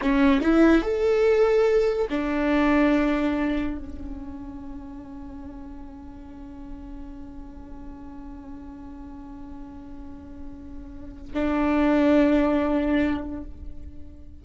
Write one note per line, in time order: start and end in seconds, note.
0.01 0.41 C#4
0.41 0.82 E4
0.82 2.08 A4
2.10 3.77 D4
3.77 11.32 C#4
11.33 13.43 D4